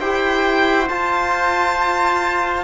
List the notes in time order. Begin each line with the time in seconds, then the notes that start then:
0.00 E4 G4 C5 G5
0.89 F4 A5